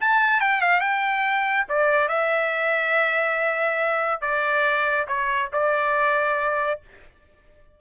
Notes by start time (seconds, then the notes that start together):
0.00 A5
0.40 G5
0.61 F5
0.80 G5
1.68 D5
2.08 E5
4.21 D5
5.07 C#5
5.52 D5